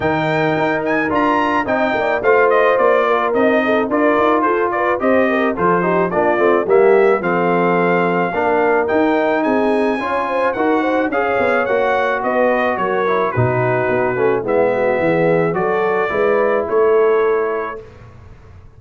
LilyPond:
<<
  \new Staff \with { instrumentName = "trumpet" } { \time 4/4 \tempo 4 = 108 g''4. gis''8 ais''4 g''4 | f''8 dis''8 d''4 dis''4 d''4 | c''8 d''8 dis''4 c''4 d''4 | e''4 f''2. |
g''4 gis''2 fis''4 | f''4 fis''4 dis''4 cis''4 | b'2 e''2 | d''2 cis''2 | }
  \new Staff \with { instrumentName = "horn" } { \time 4/4 ais'2. dis''8 d''8 | c''4. ais'4 a'8 ais'4 | a'8 b'8 c''8 ais'8 a'8 g'8 f'4 | g'4 a'2 ais'4~ |
ais'4 gis'4 cis''8 c''8 ais'8 c''8 | cis''2 b'4 ais'4 | fis'2 e'8 fis'8 gis'4 | a'4 b'4 a'2 | }
  \new Staff \with { instrumentName = "trombone" } { \time 4/4 dis'2 f'4 dis'4 | f'2 dis'4 f'4~ | f'4 g'4 f'8 dis'8 d'8 c'8 | ais4 c'2 d'4 |
dis'2 f'4 fis'4 | gis'4 fis'2~ fis'8 e'8 | dis'4. cis'8 b2 | fis'4 e'2. | }
  \new Staff \with { instrumentName = "tuba" } { \time 4/4 dis4 dis'4 d'4 c'8 ais8 | a4 ais4 c'4 d'8 dis'8 | f'4 c'4 f4 ais8 a8 | g4 f2 ais4 |
dis'4 c'4 cis'4 dis'4 | cis'8 b8 ais4 b4 fis4 | b,4 b8 a8 gis4 e4 | fis4 gis4 a2 | }
>>